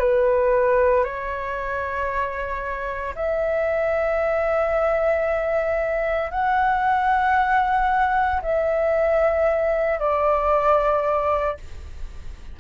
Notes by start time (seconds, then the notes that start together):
0.00 B4
1.04 C#5
3.16 E5
6.31 F#5
8.43 E5
10.00 D5